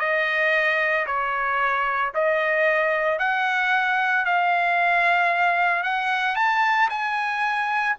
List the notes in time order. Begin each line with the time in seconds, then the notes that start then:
0.00 D#5
1.07 C#5
2.15 D#5
3.19 F#5
4.26 F5
5.84 F#5
6.36 A5
6.90 G#5